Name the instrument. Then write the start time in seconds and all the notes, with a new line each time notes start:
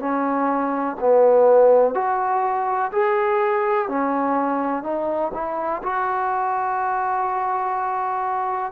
trombone
0.00 C#4
1.00 B3
1.95 F#4
2.93 G#4
3.89 C#4
4.84 D#4
5.34 E4
5.83 F#4